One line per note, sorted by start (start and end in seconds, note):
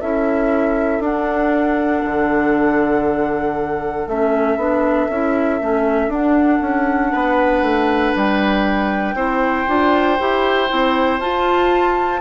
0.00 1.00 C#4
0.00 1.03 E4
0.00 7.11 A4
0.00 1.02 E5
1.00 2.01 D4
1.00 4.08 D4
1.00 4.08 F#5
2.04 4.07 D3
4.07 4.57 A3
4.07 4.58 C#4
4.07 6.12 E5
4.57 5.08 B3
4.57 5.09 D4
5.09 5.60 C#4
5.09 5.60 E4
5.60 6.08 A3
5.60 6.10 C#4
6.08 6.58 D4
6.08 9.15 D4
6.08 8.15 F#5
6.61 7.11 C#4
7.11 7.61 B3
7.11 9.15 B4
7.61 8.12 A3
8.15 9.14 G3
8.15 11.20 G5
9.14 9.65 C4
9.14 9.67 E4
9.14 12.21 C5
9.67 10.19 D4
9.67 10.17 F4
10.19 10.70 E4
10.19 10.68 G4
10.68 11.19 C4
10.68 11.19 E4
11.19 12.21 F4
11.19 12.21 A5